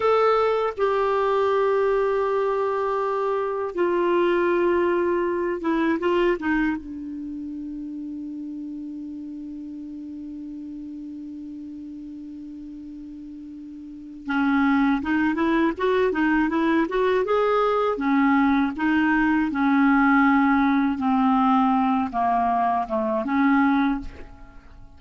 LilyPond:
\new Staff \with { instrumentName = "clarinet" } { \time 4/4 \tempo 4 = 80 a'4 g'2.~ | g'4 f'2~ f'8 e'8 | f'8 dis'8 d'2.~ | d'1~ |
d'2. cis'4 | dis'8 e'8 fis'8 dis'8 e'8 fis'8 gis'4 | cis'4 dis'4 cis'2 | c'4. ais4 a8 cis'4 | }